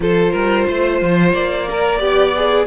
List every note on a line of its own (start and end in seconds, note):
0.00 0.33 F3
0.00 1.66 F4
0.00 0.32 A4
0.00 1.32 C5
0.32 0.67 G3
0.32 0.65 A#4
0.68 1.01 A3
0.68 1.68 C5
1.01 1.32 F3
1.32 1.99 A#3
1.32 2.65 D5
1.68 1.99 A#4
1.68 1.98 A#4
1.98 2.66 B3
1.98 2.33 G4
1.98 2.65 D5
2.36 2.67 G#4